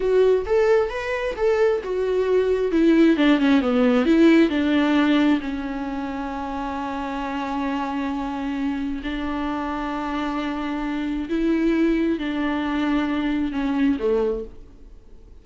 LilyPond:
\new Staff \with { instrumentName = "viola" } { \time 4/4 \tempo 4 = 133 fis'4 a'4 b'4 a'4 | fis'2 e'4 d'8 cis'8 | b4 e'4 d'2 | cis'1~ |
cis'1 | d'1~ | d'4 e'2 d'4~ | d'2 cis'4 a4 | }